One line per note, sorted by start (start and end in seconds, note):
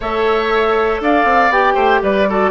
0.00 1.00 A3
0.00 1.52 A4
0.00 1.01 C#5
0.00 1.01 E5
1.00 1.24 D4
1.00 1.74 D5
1.00 1.52 F5
1.24 1.49 C4
1.49 1.74 B3
1.49 2.27 G4
1.49 2.02 G5
1.74 2.00 A3
1.74 1.99 C5
2.02 2.50 G3
2.02 2.28 B4
2.02 2.50 D5
2.29 2.50 F#4
2.29 2.50 A4